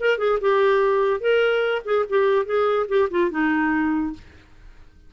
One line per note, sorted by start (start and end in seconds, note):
0.00 0.18 A#4
0.18 0.39 G#4
0.41 1.20 G4
1.20 1.82 A#4
1.85 2.05 G#4
2.09 2.46 G4
2.46 2.87 G#4
2.88 3.09 G4
3.11 3.31 F4
3.31 4.13 D#4